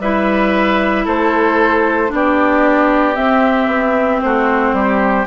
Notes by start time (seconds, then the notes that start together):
0.00 G3 E4 B4 E5
1.05 A3 A4 C5
2.08 B3 D4
2.14 G4 D5
3.15 C4 E5
3.67 B3
4.21 A3 F#4 C5
4.72 G3 G4